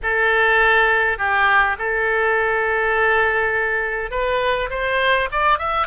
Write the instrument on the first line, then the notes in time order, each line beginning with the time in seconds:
oboe
0.02 A4
1.18 G4
1.78 A4
4.10 B4
4.70 C5
5.32 D5
5.58 E5